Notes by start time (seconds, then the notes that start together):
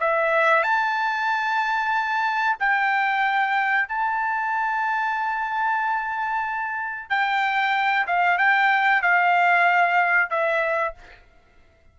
0.00 E5
0.63 A5
2.59 G5
3.88 A5
7.09 G5
8.06 F5
8.38 G5
9.02 F5
10.30 E5